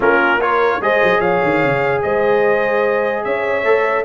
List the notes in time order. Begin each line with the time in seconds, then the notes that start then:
0.00 A#3 C#4 F4 A#4
0.38 F4 A#4 C#5
0.80 G#3 G#4 C5 D#5
1.03 F#3
1.20 F3 C#5 F5
1.43 D#3
1.63 C#3
2.02 G#3 C5 D#5
3.24 C#4 C#5 E5
3.64 A3 A4